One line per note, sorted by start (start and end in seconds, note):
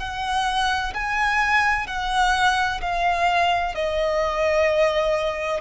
0.00 0.94 F#5
0.95 1.87 G#5
1.87 2.81 F#5
2.82 3.75 F5
3.75 5.62 D#5